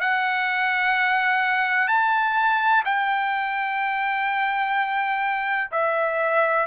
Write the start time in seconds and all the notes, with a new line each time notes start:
0.00 F#5
1.88 A5
2.85 G5
5.71 E5